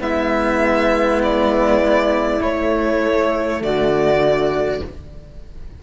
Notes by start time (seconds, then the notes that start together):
0.00 G#3 B3 E4 E5
1.23 D5
2.41 A3 C#5
3.61 D3 F#4 D5